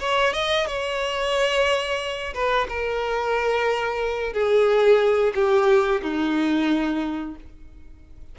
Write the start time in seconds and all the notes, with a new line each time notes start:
0.00 C#5
0.34 D#5
0.67 C#5
2.34 B4
2.69 A#4
4.33 G#4
5.35 G4
6.02 D#4